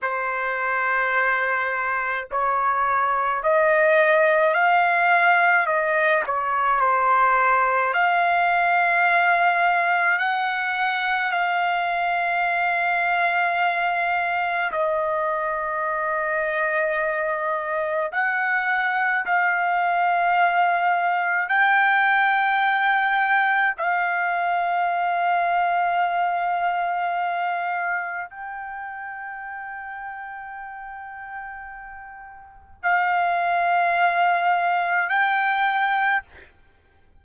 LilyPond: \new Staff \with { instrumentName = "trumpet" } { \time 4/4 \tempo 4 = 53 c''2 cis''4 dis''4 | f''4 dis''8 cis''8 c''4 f''4~ | f''4 fis''4 f''2~ | f''4 dis''2. |
fis''4 f''2 g''4~ | g''4 f''2.~ | f''4 g''2.~ | g''4 f''2 g''4 | }